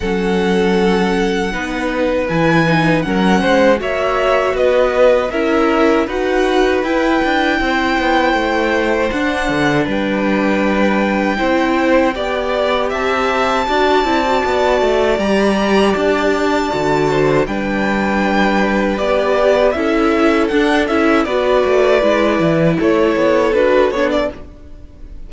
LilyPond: <<
  \new Staff \with { instrumentName = "violin" } { \time 4/4 \tempo 4 = 79 fis''2. gis''4 | fis''4 e''4 dis''4 e''4 | fis''4 g''2. | fis''4 g''2.~ |
g''4 a''2. | ais''4 a''2 g''4~ | g''4 d''4 e''4 fis''8 e''8 | d''2 cis''4 b'8 cis''16 d''16 | }
  \new Staff \with { instrumentName = "violin" } { \time 4/4 a'2 b'2 | ais'8 c''8 cis''4 b'4 ais'4 | b'2 c''2~ | c''4 b'2 c''4 |
d''4 e''4 d''2~ | d''2~ d''8 c''8 b'4~ | b'2 a'2 | b'2 a'2 | }
  \new Staff \with { instrumentName = "viola" } { \time 4/4 cis'2 dis'4 e'8 dis'8 | cis'4 fis'2 e'4 | fis'4 e'2. | d'2. e'4 |
g'2 fis'8 e'16 fis'4~ fis'16 | g'2 fis'4 d'4~ | d'4 g'4 e'4 d'8 e'8 | fis'4 e'2 fis'8 d'8 | }
  \new Staff \with { instrumentName = "cello" } { \time 4/4 fis2 b4 e4 | fis8 gis8 ais4 b4 cis'4 | dis'4 e'8 d'8 c'8 b8 a4 | d'8 d8 g2 c'4 |
b4 c'4 d'8 c'8 b8 a8 | g4 d'4 d4 g4~ | g4 b4 cis'4 d'8 cis'8 | b8 a8 gis8 e8 a8 b8 d'8 b8 | }
>>